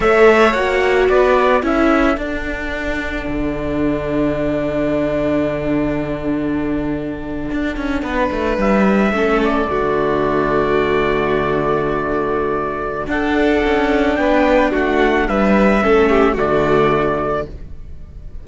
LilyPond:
<<
  \new Staff \with { instrumentName = "trumpet" } { \time 4/4 \tempo 4 = 110 e''4 fis''4 d''4 e''4 | fis''1~ | fis''1~ | fis''2.~ fis''8. e''16~ |
e''4~ e''16 d''2~ d''8.~ | d''1 | fis''2 g''4 fis''4 | e''2 d''2 | }
  \new Staff \with { instrumentName = "violin" } { \time 4/4 cis''2 b'4 a'4~ | a'1~ | a'1~ | a'2~ a'8. b'4~ b'16~ |
b'8. a'4 fis'2~ fis'16~ | fis'1 | a'2 b'4 fis'4 | b'4 a'8 g'8 fis'2 | }
  \new Staff \with { instrumentName = "viola" } { \time 4/4 a'4 fis'2 e'4 | d'1~ | d'1~ | d'1~ |
d'8. cis'4 a2~ a16~ | a1 | d'1~ | d'4 cis'4 a2 | }
  \new Staff \with { instrumentName = "cello" } { \time 4/4 a4 ais4 b4 cis'4 | d'2 d2~ | d1~ | d4.~ d16 d'8 cis'8 b8 a8 g16~ |
g8. a4 d2~ d16~ | d1 | d'4 cis'4 b4 a4 | g4 a4 d2 | }
>>